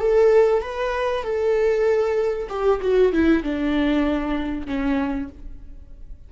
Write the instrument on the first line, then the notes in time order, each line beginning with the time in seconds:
viola
0.00 A4
0.62 B4
1.23 A4
2.49 G4
2.81 F#4
3.12 E4
3.43 D4
4.66 C#4